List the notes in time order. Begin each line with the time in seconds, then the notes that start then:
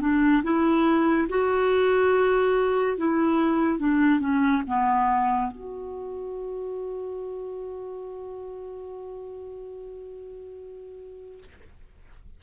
0.00 D4
0.43 E4
1.29 F#4
2.97 E4
3.78 D4
4.20 C#4
4.66 B3
5.51 F#4